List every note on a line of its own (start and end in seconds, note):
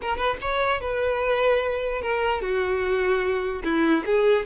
0.01 0.17 A#4
0.17 0.37 B4
0.41 0.80 C#5
0.80 2.01 B4
2.01 2.41 A#4
2.41 3.62 F#4
3.64 4.04 E4
4.05 4.45 G#4